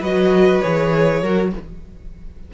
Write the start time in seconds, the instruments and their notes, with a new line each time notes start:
0.00 cello F#3, viola F#4, violin B4 D#5
0.61 cello E3, viola G#4, violin C#5
1.21 cello F#3, viola F#4, violin A#4